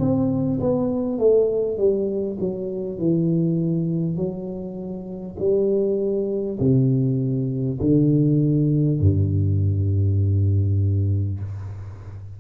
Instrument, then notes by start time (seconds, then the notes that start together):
tuba
0.00 C4
0.61 B3
1.19 A3
1.78 G3
2.41 F#3
2.99 E3
4.17 F#3
5.39 G3
6.60 C3
7.81 D3
9.01 G2